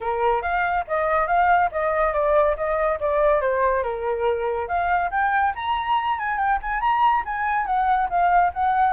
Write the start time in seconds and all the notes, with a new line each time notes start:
0.00 A#4
0.42 F5
0.87 D#5
1.27 F5
1.71 D#5
2.13 D5
2.56 D#5
2.99 D5
3.41 C5
3.83 A#4
4.68 F5
5.10 G5
5.55 A#5
6.19 G#5
6.38 G5
6.62 G#5
6.80 A#5
7.25 G#5
7.66 F#5
8.09 F5
8.53 F#5